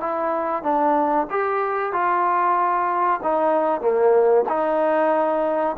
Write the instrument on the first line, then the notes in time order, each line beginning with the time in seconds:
trombone
0.00 E4
0.63 D4
1.30 G4
1.92 F4
3.23 D#4
3.81 A#3
4.48 D#4